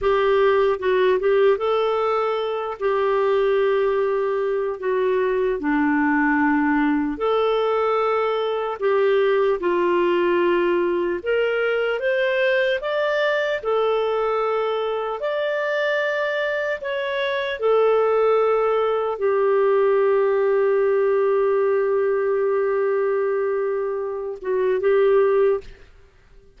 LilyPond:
\new Staff \with { instrumentName = "clarinet" } { \time 4/4 \tempo 4 = 75 g'4 fis'8 g'8 a'4. g'8~ | g'2 fis'4 d'4~ | d'4 a'2 g'4 | f'2 ais'4 c''4 |
d''4 a'2 d''4~ | d''4 cis''4 a'2 | g'1~ | g'2~ g'8 fis'8 g'4 | }